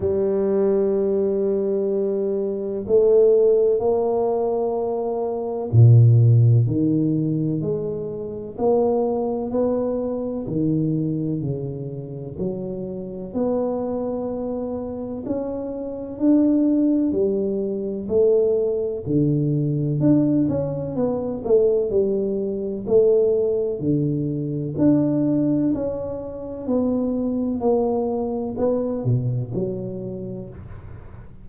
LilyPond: \new Staff \with { instrumentName = "tuba" } { \time 4/4 \tempo 4 = 63 g2. a4 | ais2 ais,4 dis4 | gis4 ais4 b4 dis4 | cis4 fis4 b2 |
cis'4 d'4 g4 a4 | d4 d'8 cis'8 b8 a8 g4 | a4 d4 d'4 cis'4 | b4 ais4 b8 b,8 fis4 | }